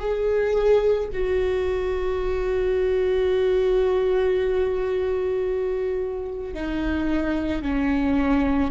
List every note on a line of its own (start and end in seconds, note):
0.00 1.09 G#4
1.14 6.55 F#4
6.55 7.63 D#4
7.63 8.72 C#4